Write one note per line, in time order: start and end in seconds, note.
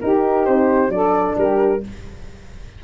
0.00 0.90 D#4
0.00 0.47 D#4
0.00 0.92 G4
0.00 0.45 A#4
0.45 0.89 C4
0.45 0.90 C5
0.89 1.35 F#3
0.89 1.81 D4
0.89 1.37 A4
0.89 1.36 D5
1.37 1.82 G3
1.37 1.83 G4
1.37 1.83 A#4